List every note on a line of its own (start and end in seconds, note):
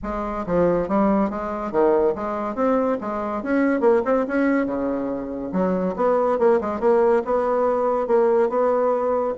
0.03 0.45 G#3
0.46 0.88 F3
0.88 1.29 G3
1.29 1.71 G#3
1.71 2.14 D#3
2.15 2.55 G#3
2.55 2.97 C4
3.01 3.42 G#3
3.42 3.80 C#4
3.80 4.01 A#3
4.04 4.26 C4
4.27 4.66 C#4
4.66 5.51 C#3
5.52 5.95 F#3
5.96 6.38 B3
6.38 6.60 A#3
6.60 6.80 G#3
6.80 7.22 A#3
7.25 8.07 B3
8.07 8.49 A#3
8.49 9.34 B3